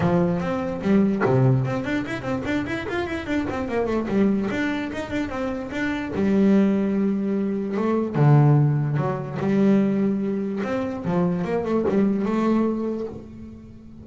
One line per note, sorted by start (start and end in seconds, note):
0.00 0.40 F3
0.40 0.80 C4
0.81 1.22 G3
1.25 1.65 C3
1.65 1.84 C4
1.84 2.04 D4
2.06 2.22 E4
2.22 2.42 C4
2.45 2.65 D4
2.66 2.87 E4
2.88 3.06 F4
3.06 3.26 E4
3.26 3.46 D4
3.49 3.68 C4
3.68 3.86 A#3
3.86 4.06 A3
4.07 4.48 G3
4.50 4.91 D4
4.92 5.10 D#4
5.10 5.29 D4
5.29 5.70 C4
5.71 6.12 D4
6.14 7.77 G3
7.77 8.15 A3
8.15 8.96 D3
8.96 9.37 F#3
9.39 10.61 G3
10.63 11.04 C4
11.04 11.44 F3
11.44 11.64 A#3
11.64 11.85 A3
11.88 12.25 G3
12.25 13.06 A3